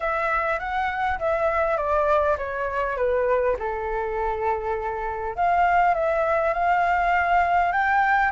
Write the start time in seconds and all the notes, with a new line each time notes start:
0.00 E5
0.59 F#5
1.19 E5
1.77 D5
2.37 C#5
2.96 B4
3.59 A4
5.35 F5
5.94 E5
6.53 F5
7.72 G5